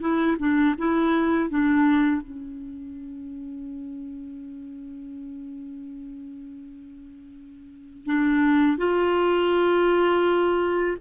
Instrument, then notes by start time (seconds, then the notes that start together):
clarinet
0.00 E4
0.39 D4
0.78 E4
1.49 D4
2.21 C#4
8.05 D4
8.77 F4